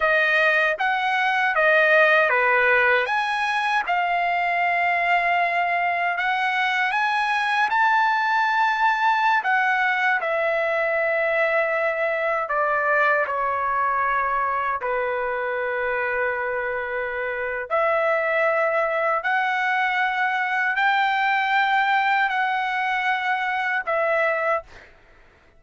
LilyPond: \new Staff \with { instrumentName = "trumpet" } { \time 4/4 \tempo 4 = 78 dis''4 fis''4 dis''4 b'4 | gis''4 f''2. | fis''4 gis''4 a''2~ | a''16 fis''4 e''2~ e''8.~ |
e''16 d''4 cis''2 b'8.~ | b'2. e''4~ | e''4 fis''2 g''4~ | g''4 fis''2 e''4 | }